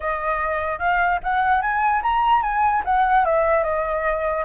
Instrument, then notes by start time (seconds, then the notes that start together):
flute
0.00 D#5
0.79 F5
1.23 F#5
1.61 G#5
2.02 A#5
2.42 G#5
2.85 F#5
3.25 E5
3.63 D#5